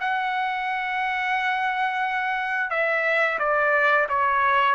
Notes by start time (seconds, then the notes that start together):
0.00 F#5
2.70 E5
3.39 D5
4.09 C#5